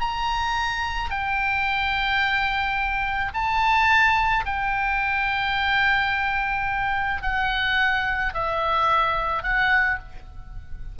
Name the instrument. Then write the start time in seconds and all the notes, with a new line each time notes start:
oboe
0.00 A#5
1.10 G5
3.34 A5
4.45 G5
7.22 F#5
8.33 E5
9.42 F#5